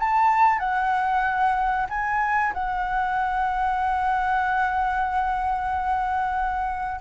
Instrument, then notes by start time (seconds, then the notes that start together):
flute
0.00 A5
0.59 F#5
1.89 G#5
2.54 F#5